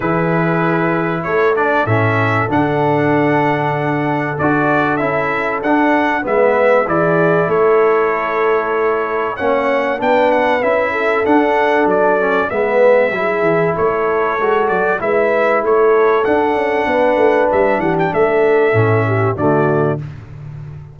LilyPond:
<<
  \new Staff \with { instrumentName = "trumpet" } { \time 4/4 \tempo 4 = 96 b'2 cis''8 d''8 e''4 | fis''2. d''4 | e''4 fis''4 e''4 d''4 | cis''2. fis''4 |
g''8 fis''8 e''4 fis''4 d''4 | e''2 cis''4. d''8 | e''4 cis''4 fis''2 | e''8 fis''16 g''16 e''2 d''4 | }
  \new Staff \with { instrumentName = "horn" } { \time 4/4 gis'2 a'2~ | a'1~ | a'2 b'4 gis'4 | a'2. cis''4 |
b'4. a'2~ a'8 | b'4 gis'4 a'2 | b'4 a'2 b'4~ | b'8 g'8 a'4. g'8 fis'4 | }
  \new Staff \with { instrumentName = "trombone" } { \time 4/4 e'2~ e'8 d'8 cis'4 | d'2. fis'4 | e'4 d'4 b4 e'4~ | e'2. cis'4 |
d'4 e'4 d'4. cis'8 | b4 e'2 fis'4 | e'2 d'2~ | d'2 cis'4 a4 | }
  \new Staff \with { instrumentName = "tuba" } { \time 4/4 e2 a4 a,4 | d2. d'4 | cis'4 d'4 gis4 e4 | a2. ais4 |
b4 cis'4 d'4 fis4 | gis4 fis8 e8 a4 gis8 fis8 | gis4 a4 d'8 cis'8 b8 a8 | g8 e8 a4 a,4 d4 | }
>>